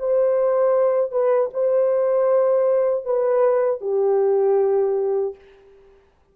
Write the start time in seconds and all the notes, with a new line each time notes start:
0.00 C5
1.12 B4
1.54 C5
3.05 B4
3.81 G4